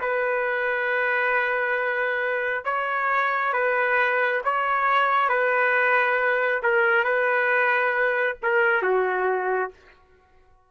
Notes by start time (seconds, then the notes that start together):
0.00 B4
2.64 C#5
3.53 B4
4.44 C#5
5.29 B4
6.62 A#4
7.03 B4
8.42 A#4
8.82 F#4